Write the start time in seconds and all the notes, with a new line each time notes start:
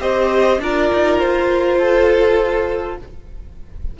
0.00 C4 G4 C5 D#5
0.60 D4 F4 A#4 D5
0.94 D#4
1.19 F4 C5
1.78 A4